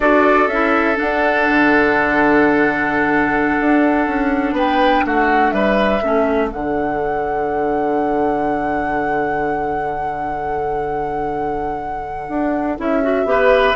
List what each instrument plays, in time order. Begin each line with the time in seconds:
0.00 bassoon D4, clarinet F#4, oboe A4, flute D5
0.47 bassoon C#4, clarinet E4, flute E5
0.95 clarinet D4, flute F#5
1.02 bassoon D4
1.49 bassoon D3
3.60 bassoon D4
4.07 bassoon C#4
4.52 bassoon B3, oboe B4, flute G5
5.05 bassoon A3, oboe F#4, flute F#5
5.50 bassoon G3, oboe B4, flute E5
6.03 bassoon A3, clarinet C#4, oboe A4
6.50 bassoon D3, clarinet D4, flute F#5
12.28 bassoon D4
12.78 bassoon C#4, clarinet E4, flute E5
13.03 clarinet F#4
13.25 bassoon B3, clarinet G4, oboe B4